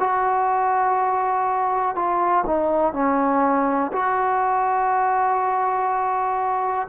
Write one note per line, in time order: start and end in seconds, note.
0.00 1.96 F#4
1.96 2.45 F4
2.46 2.93 D#4
2.93 3.92 C#4
3.93 6.88 F#4